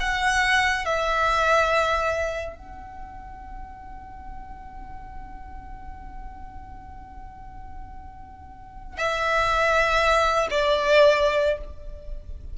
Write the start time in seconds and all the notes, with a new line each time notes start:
0.00 F#5
0.85 E5
2.56 F#5
8.98 E5
10.50 D5